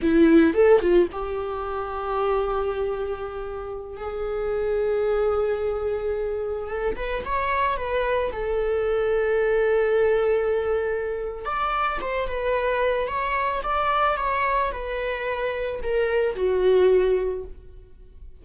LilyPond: \new Staff \with { instrumentName = "viola" } { \time 4/4 \tempo 4 = 110 e'4 a'8 f'8 g'2~ | g'2.~ g'16 gis'8.~ | gis'1~ | gis'16 a'8 b'8 cis''4 b'4 a'8.~ |
a'1~ | a'4 d''4 c''8 b'4. | cis''4 d''4 cis''4 b'4~ | b'4 ais'4 fis'2 | }